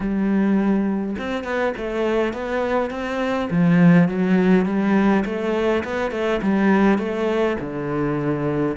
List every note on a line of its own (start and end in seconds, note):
0.00 1.15 G3
1.18 1.44 C4
1.44 1.73 B3
1.77 2.33 A3
2.33 2.90 B3
2.90 3.48 C4
3.50 4.08 F3
4.08 4.65 F#3
4.65 5.23 G3
5.25 5.83 A3
5.84 6.11 B3
6.11 6.40 A3
6.42 6.98 G3
6.98 7.56 A3
7.59 8.76 D3